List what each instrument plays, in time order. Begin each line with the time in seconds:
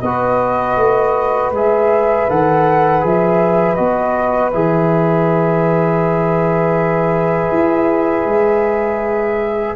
0.00 tuba B3, trombone F#4, saxophone B4, flute D#5
0.76 tuba A3
1.51 tuba G#3, trombone G#4, flute E5
2.29 tuba D#3, trombone A4, flute F#5
3.00 tuba F3, trombone G#4, flute E5
3.75 tuba B3, trombone F#4, flute D#5
4.52 tuba E3, trombone G#4, flute E5
7.52 tuba E4
8.25 tuba G#3